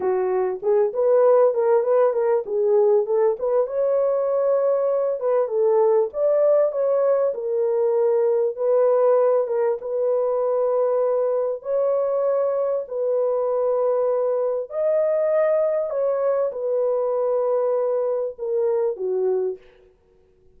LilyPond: \new Staff \with { instrumentName = "horn" } { \time 4/4 \tempo 4 = 98 fis'4 gis'8 b'4 ais'8 b'8 ais'8 | gis'4 a'8 b'8 cis''2~ | cis''8 b'8 a'4 d''4 cis''4 | ais'2 b'4. ais'8 |
b'2. cis''4~ | cis''4 b'2. | dis''2 cis''4 b'4~ | b'2 ais'4 fis'4 | }